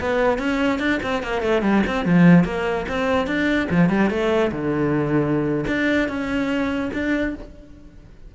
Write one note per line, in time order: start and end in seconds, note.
0.00 0.38 B3
0.38 0.79 C#4
0.79 1.00 D4
1.03 1.22 C4
1.22 1.42 A#3
1.42 1.62 A3
1.62 1.83 G3
1.87 2.05 C4
2.05 2.44 F3
2.44 2.86 A#3
2.89 3.27 C4
3.27 3.68 D4
3.70 3.89 F3
3.89 4.10 G3
4.10 4.51 A3
4.51 5.65 D3
5.67 6.08 D4
6.08 6.91 C#4
6.93 7.34 D4